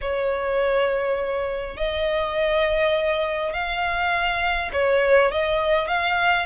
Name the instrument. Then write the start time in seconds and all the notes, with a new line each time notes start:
violin
0.01 C#5
1.76 D#5
3.53 F5
4.72 C#5
5.31 D#5
5.87 F5